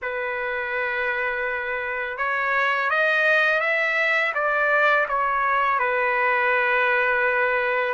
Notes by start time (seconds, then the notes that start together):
0.02 B4
2.17 C#5
2.89 D#5
3.60 E5
4.34 D5
5.08 C#5
5.79 B4